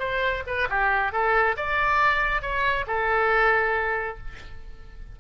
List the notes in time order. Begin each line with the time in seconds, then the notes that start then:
0.00 C5
0.47 B4
0.70 G4
1.13 A4
1.57 D5
2.42 C#5
2.88 A4